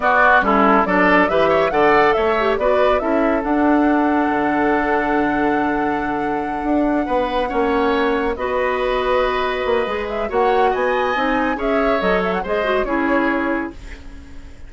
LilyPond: <<
  \new Staff \with { instrumentName = "flute" } { \time 4/4 \tempo 4 = 140 d''4 a'4 d''4 e''4 | fis''4 e''4 d''4 e''4 | fis''1~ | fis''1~ |
fis''2.~ fis''8 dis''8~ | dis''2.~ dis''8 e''8 | fis''4 gis''2 e''4 | dis''8 e''16 fis''16 dis''4 cis''2 | }
  \new Staff \with { instrumentName = "oboe" } { \time 4/4 fis'4 e'4 a'4 b'8 cis''8 | d''4 cis''4 b'4 a'4~ | a'1~ | a'1~ |
a'8 b'4 cis''2 b'8~ | b'1 | cis''4 dis''2 cis''4~ | cis''4 c''4 gis'2 | }
  \new Staff \with { instrumentName = "clarinet" } { \time 4/4 b4 cis'4 d'4 g'4 | a'4. g'8 fis'4 e'4 | d'1~ | d'1~ |
d'4. cis'2 fis'8~ | fis'2. gis'4 | fis'2 dis'4 gis'4 | a'4 gis'8 fis'8 e'2 | }
  \new Staff \with { instrumentName = "bassoon" } { \time 4/4 b4 g4 fis4 e4 | d4 a4 b4 cis'4 | d'2 d2~ | d2.~ d8 d'8~ |
d'8 b4 ais2 b8~ | b2~ b8 ais8 gis4 | ais4 b4 c'4 cis'4 | fis4 gis4 cis'2 | }
>>